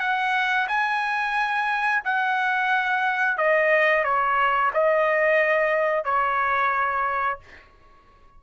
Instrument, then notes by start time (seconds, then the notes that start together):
trumpet
0.00 F#5
0.68 G#5
2.04 F#5
3.38 D#5
4.04 C#5
4.74 D#5
6.04 C#5